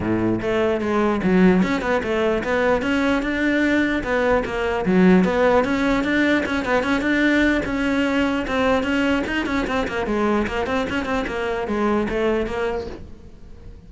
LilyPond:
\new Staff \with { instrumentName = "cello" } { \time 4/4 \tempo 4 = 149 a,4 a4 gis4 fis4 | cis'8 b8 a4 b4 cis'4 | d'2 b4 ais4 | fis4 b4 cis'4 d'4 |
cis'8 b8 cis'8 d'4. cis'4~ | cis'4 c'4 cis'4 dis'8 cis'8 | c'8 ais8 gis4 ais8 c'8 cis'8 c'8 | ais4 gis4 a4 ais4 | }